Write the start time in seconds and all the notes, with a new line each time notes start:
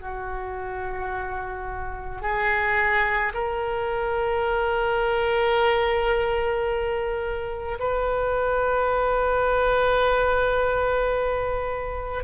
0.00 F#4
2.21 G#4
3.33 A#4
7.79 B4